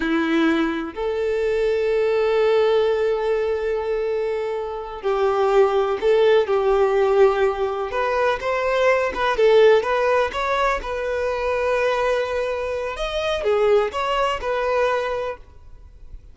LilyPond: \new Staff \with { instrumentName = "violin" } { \time 4/4 \tempo 4 = 125 e'2 a'2~ | a'1~ | a'2~ a'8 g'4.~ | g'8 a'4 g'2~ g'8~ |
g'8 b'4 c''4. b'8 a'8~ | a'8 b'4 cis''4 b'4.~ | b'2. dis''4 | gis'4 cis''4 b'2 | }